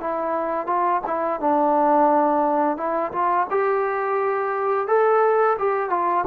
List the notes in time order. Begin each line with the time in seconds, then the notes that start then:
0.00 E4
0.66 F4
1.07 E4
1.40 D4
2.77 E4
3.12 F4
3.50 G4
4.87 A4
5.58 G4
5.90 F4